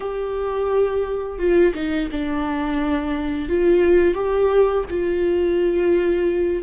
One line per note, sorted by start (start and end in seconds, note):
0.00 1.38 G4
1.38 1.73 F4
1.74 2.09 D#4
2.11 3.48 D4
3.48 4.14 F4
4.14 4.84 G4
4.90 6.62 F4